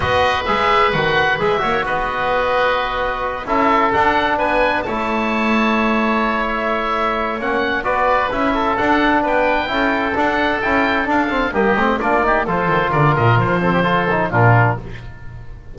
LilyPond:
<<
  \new Staff \with { instrumentName = "oboe" } { \time 4/4 \tempo 4 = 130 dis''4 e''4 fis''4 e''4 | dis''2.~ dis''8 e''8~ | e''8 fis''4 gis''4 a''4.~ | a''2 e''2 |
fis''4 d''4 e''4 fis''4 | g''2 fis''4 g''4 | f''4 dis''4 d''4 c''4 | d''8 dis''8 c''2 ais'4 | }
  \new Staff \with { instrumentName = "oboe" } { \time 4/4 b'2.~ b'8 cis''8 | b'2.~ b'8 a'8~ | a'4. b'4 cis''4.~ | cis''1~ |
cis''4 b'4. a'4. | b'4 a'2.~ | a'4 g'4 f'8 g'8 a'4 | ais'4. a'16 g'16 a'4 f'4 | }
  \new Staff \with { instrumentName = "trombone" } { \time 4/4 fis'4 gis'4 fis'4 gis'8 fis'8~ | fis'2.~ fis'8 e'8~ | e'8 d'2 e'4.~ | e'1 |
cis'4 fis'4 e'4 d'4~ | d'4 e'4 d'4 e'4 | d'8 c'8 ais8 c'8 d'8 dis'8 f'4~ | f'4. c'8 f'8 dis'8 d'4 | }
  \new Staff \with { instrumentName = "double bass" } { \time 4/4 b4 gis4 dis4 gis8 ais8 | b2.~ b8 cis'8~ | cis'8 d'4 b4 a4.~ | a1 |
ais4 b4 cis'4 d'4 | b4 cis'4 d'4 cis'4 | d'4 g8 a8 ais4 f8 dis8 | d8 ais,8 f2 ais,4 | }
>>